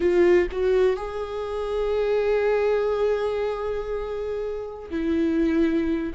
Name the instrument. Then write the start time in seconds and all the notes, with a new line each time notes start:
viola
0.00 F4
0.51 F#4
0.96 G#4
4.90 E4